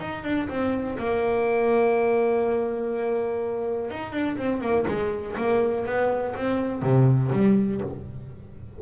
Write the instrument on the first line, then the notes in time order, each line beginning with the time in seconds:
double bass
0.00 D#4
0.24 D4
0.49 C4
0.98 A#3
3.91 D#4
4.12 D4
4.37 C4
4.61 A#3
4.87 G#3
5.37 A#3
5.86 B3
6.36 C4
6.82 C3
7.32 G3